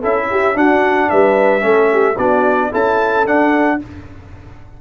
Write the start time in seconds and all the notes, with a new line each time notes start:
0.00 C#4 E4 A4 E5
0.31 G4
0.55 D4 F#4 F#5
1.10 G3 B4 E5
1.60 A3 C#4 A4
1.93 G4
2.18 B3 D4 F#4 D5
2.72 C#4 E4 A4 A5
3.26 D4 F#5